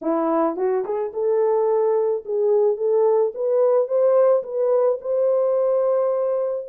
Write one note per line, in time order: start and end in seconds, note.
0.02 0.56 E4
0.56 0.84 F#4
0.84 1.12 G#4
1.13 2.24 A4
2.25 2.77 G#4
2.77 3.32 A4
3.34 3.87 B4
3.87 4.43 C5
4.43 4.98 B4
5.00 6.67 C5